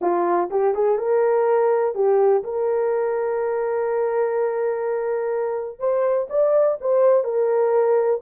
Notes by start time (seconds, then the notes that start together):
0.01 F4
0.50 G4
0.74 G#4
0.98 A#4
1.95 G4
2.43 A#4
5.79 C5
6.29 D5
6.80 C5
7.24 A#4